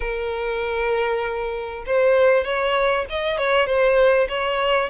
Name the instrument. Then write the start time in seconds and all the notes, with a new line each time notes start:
violin
0.00 A#4
1.86 C5
2.44 C#5
3.09 D#5
3.37 C#5
3.66 C5
4.28 C#5